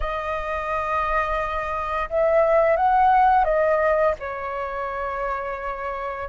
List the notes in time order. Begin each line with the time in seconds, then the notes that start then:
0.00 D#5
2.09 E5
2.76 F#5
3.44 D#5
4.19 C#5